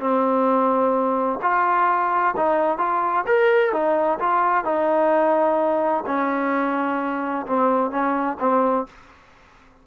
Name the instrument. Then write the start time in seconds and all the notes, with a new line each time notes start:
trombone
0.00 C4
1.42 F4
2.36 D#4
2.78 F4
3.26 A#4
3.72 D#4
4.19 F4
4.64 D#4
6.07 C#4
7.46 C4
7.91 C#4
8.40 C4